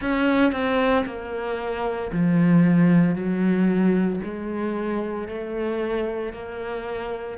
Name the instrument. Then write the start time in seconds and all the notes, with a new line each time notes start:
cello
0.01 C#4
0.52 C4
1.06 A#3
2.11 F3
3.15 F#3
4.23 G#3
5.28 A3
6.33 A#3